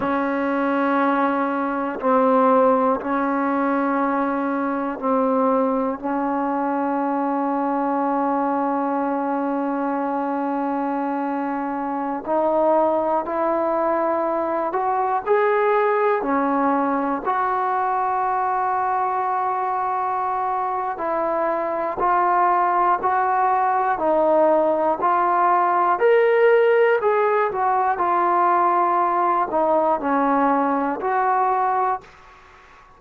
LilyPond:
\new Staff \with { instrumentName = "trombone" } { \time 4/4 \tempo 4 = 60 cis'2 c'4 cis'4~ | cis'4 c'4 cis'2~ | cis'1~ | cis'16 dis'4 e'4. fis'8 gis'8.~ |
gis'16 cis'4 fis'2~ fis'8.~ | fis'4 e'4 f'4 fis'4 | dis'4 f'4 ais'4 gis'8 fis'8 | f'4. dis'8 cis'4 fis'4 | }